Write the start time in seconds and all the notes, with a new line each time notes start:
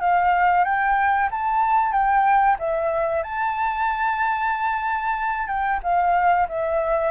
0.00 F5
0.65 G5
1.31 A5
1.92 G5
2.59 E5
3.23 A5
5.48 G5
5.83 F5
6.49 E5